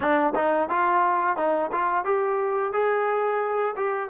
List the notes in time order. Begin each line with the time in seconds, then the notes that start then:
0.00 D4
0.35 D#4
0.69 F4
1.36 D#4
1.72 F4
2.05 G4
2.73 G#4
3.76 G4